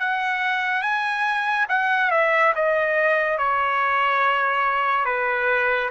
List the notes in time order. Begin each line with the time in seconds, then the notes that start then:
0.00 F#5
0.82 G#5
1.69 F#5
2.11 E5
2.55 D#5
3.38 C#5
5.06 B4